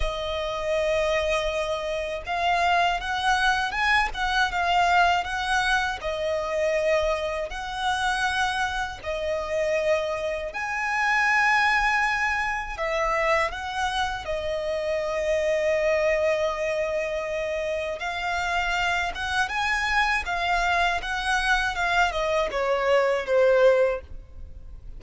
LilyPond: \new Staff \with { instrumentName = "violin" } { \time 4/4 \tempo 4 = 80 dis''2. f''4 | fis''4 gis''8 fis''8 f''4 fis''4 | dis''2 fis''2 | dis''2 gis''2~ |
gis''4 e''4 fis''4 dis''4~ | dis''1 | f''4. fis''8 gis''4 f''4 | fis''4 f''8 dis''8 cis''4 c''4 | }